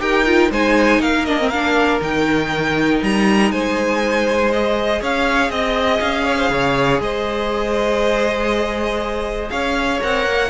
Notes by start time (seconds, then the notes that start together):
0.00 D#4 G4 A#4 G5
0.26 F4
0.51 G#3 D#4 C5 G#5
1.00 A#3 A#4 F5
1.25 D4 D#5
1.39 C4
1.49 D4 F5
2.01 D#3 D#4 G5
3.02 G3 A#5
3.51 G#3 C5 G#5
4.52 G#4 D#5
5.01 C#4 C#5 F5
5.50 C4 D#5
6.01 C#4 F5
6.25 C#5
6.38 C5
6.50 C#3 C#5
7.00 G#3 C5 D#5
9.50 C#4 C#5 F5
10.01 C4 A#4 F#5
10.26 A#3